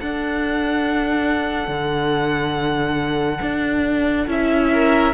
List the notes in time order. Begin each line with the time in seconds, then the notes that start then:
0.00 D4 A4 F#5
1.68 D3
3.42 D4
4.28 C#4 E4 E5
4.72 A#4